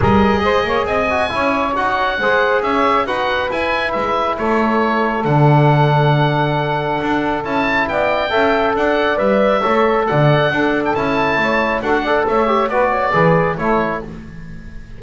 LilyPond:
<<
  \new Staff \with { instrumentName = "oboe" } { \time 4/4 \tempo 4 = 137 dis''2 gis''2 | fis''2 e''4 fis''4 | gis''4 e''4 cis''2 | fis''1~ |
fis''4 a''4 g''2 | fis''4 e''2 fis''4~ | fis''8. g''16 a''2 fis''4 | e''4 d''2 cis''4 | }
  \new Staff \with { instrumentName = "saxophone" } { \time 4/4 ais'4 c''8 cis''8 dis''4 cis''4~ | cis''4 c''4 cis''4 b'4~ | b'2 a'2~ | a'1~ |
a'2 d''4 e''4 | d''2 cis''4 d''4 | a'2 cis''4 a'8 d''8 | cis''4 b'8 cis''8 b'4 a'4 | }
  \new Staff \with { instrumentName = "trombone" } { \time 4/4 gis'2~ gis'8 fis'8 e'4 | fis'4 gis'2 fis'4 | e'1 | d'1~ |
d'4 e'2 a'4~ | a'4 b'4 a'2 | d'4 e'2 fis'8 a'8~ | a'8 g'8 fis'4 gis'4 e'4 | }
  \new Staff \with { instrumentName = "double bass" } { \time 4/4 g4 gis8 ais8 c'4 cis'4 | dis'4 gis4 cis'4 dis'4 | e'4 gis4 a2 | d1 |
d'4 cis'4 b4 cis'4 | d'4 g4 a4 d4 | d'4 cis'4 a4 d'4 | a4 b4 e4 a4 | }
>>